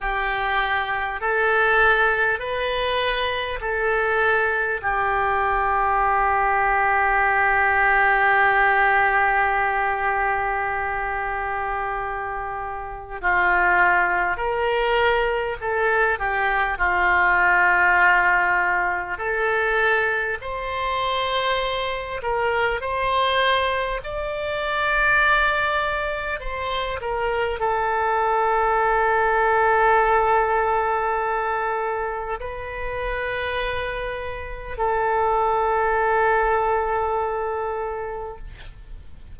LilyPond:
\new Staff \with { instrumentName = "oboe" } { \time 4/4 \tempo 4 = 50 g'4 a'4 b'4 a'4 | g'1~ | g'2. f'4 | ais'4 a'8 g'8 f'2 |
a'4 c''4. ais'8 c''4 | d''2 c''8 ais'8 a'4~ | a'2. b'4~ | b'4 a'2. | }